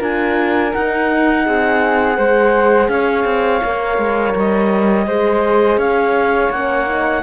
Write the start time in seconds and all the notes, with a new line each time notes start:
0.00 D4 F4 A#4 G#5
0.74 D#4 F#5
1.45 C4 G#4
2.17 G#3 G#4 C5
2.89 C#4 C#5 F5
3.25 C4
3.64 A#3 A#4
3.98 G#3
4.36 G3 D#5
5.07 G#3 G#4 C5
5.77 C#4 C#5 F5
6.50 A#3 C#4 F#5
6.86 D#4